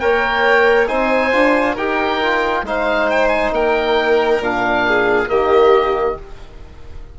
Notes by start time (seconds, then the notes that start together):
0.00 A#3 A#4 C#5 G5
0.88 C4 D#4 C5 G#5
1.32 D4 F4
1.75 D#4 G4 A#4 G5
2.22 F4
2.63 G#3 D#4 C5 F5
3.10 G5
3.28 G#5
3.52 A#3 A#4 G5
4.39 A#2 D4 F5
4.88 G#4
5.27 D#3 A#3 G4 D#5